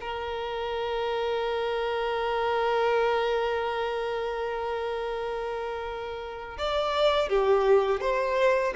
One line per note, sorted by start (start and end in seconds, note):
0.00 6.58 A#4
6.58 7.29 D5
7.29 8.00 G4
8.00 8.73 C5